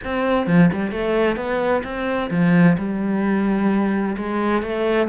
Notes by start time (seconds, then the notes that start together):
0.04 C4
0.47 F3
0.73 G3
0.91 A3
1.36 B3
1.83 C4
2.30 F3
2.78 G3
4.17 G#3
4.62 A3